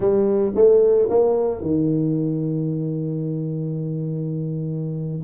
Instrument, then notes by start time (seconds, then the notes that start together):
tuba
0.00 G3
0.55 A3
1.09 A#3
1.61 D#3